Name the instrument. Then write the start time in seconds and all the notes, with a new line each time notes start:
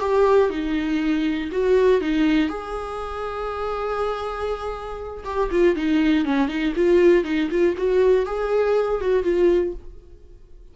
viola
0.00 G4
0.50 D#4
1.52 F#4
2.01 D#4
2.49 G#4
5.25 G4
5.51 F4
5.76 D#4
6.25 C#4
6.48 D#4
6.76 F4
7.24 D#4
7.50 F4
7.77 F#4
8.26 G#4
9.01 F#4
9.23 F4